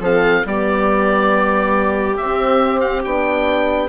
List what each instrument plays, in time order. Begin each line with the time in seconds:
0.00 bassoon F3, horn C4, viola A4, oboe F5
0.45 bassoon G3, horn B3, viola G4, oboe D5
2.17 horn C4, bassoon C4, oboe E5
2.80 oboe F5
3.04 bassoon B3, horn D4, oboe G5